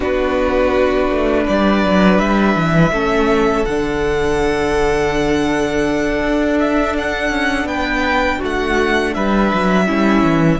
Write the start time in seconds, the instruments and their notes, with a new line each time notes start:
0.00 cello B3, viola D4, violin F#4 B4
1.09 cello A3
1.44 cello G3, violin B4 D5
1.84 cello F#3
2.19 cello G3, violin E5
2.55 cello E3
2.91 cello A3, viola C#4, violin A4
3.65 cello D3, viola D4, violin F#5
6.22 cello D4
6.59 violin E5
6.97 violin F#5
7.30 cello C#4
7.64 cello B3, violin B4 G5
8.38 cello A3, violin F#4
8.45 violin F#5
9.13 cello G3, violin B4 E5
9.52 cello F#3
9.85 cello G3, viola C#4, violin E4
10.22 cello E3